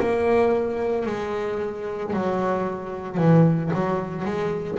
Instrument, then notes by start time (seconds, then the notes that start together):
double bass
0.00 A#3
1.07 G#3
2.14 F#3
3.18 E3
3.74 F#3
4.26 G#3